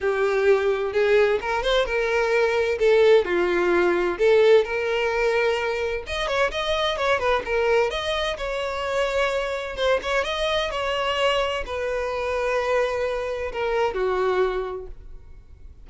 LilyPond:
\new Staff \with { instrumentName = "violin" } { \time 4/4 \tempo 4 = 129 g'2 gis'4 ais'8 c''8 | ais'2 a'4 f'4~ | f'4 a'4 ais'2~ | ais'4 dis''8 cis''8 dis''4 cis''8 b'8 |
ais'4 dis''4 cis''2~ | cis''4 c''8 cis''8 dis''4 cis''4~ | cis''4 b'2.~ | b'4 ais'4 fis'2 | }